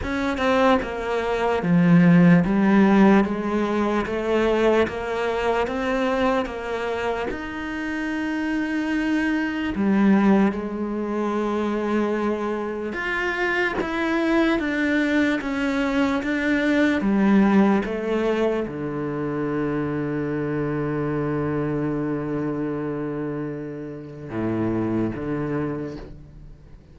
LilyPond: \new Staff \with { instrumentName = "cello" } { \time 4/4 \tempo 4 = 74 cis'8 c'8 ais4 f4 g4 | gis4 a4 ais4 c'4 | ais4 dis'2. | g4 gis2. |
f'4 e'4 d'4 cis'4 | d'4 g4 a4 d4~ | d1~ | d2 a,4 d4 | }